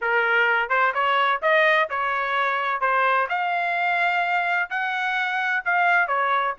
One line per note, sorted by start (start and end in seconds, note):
0.01 0.69 A#4
0.69 0.92 C5
0.94 1.40 C#5
1.42 1.89 D#5
1.89 2.80 C#5
2.80 3.27 C5
3.29 4.69 F5
4.70 5.63 F#5
5.64 6.07 F5
6.07 6.54 C#5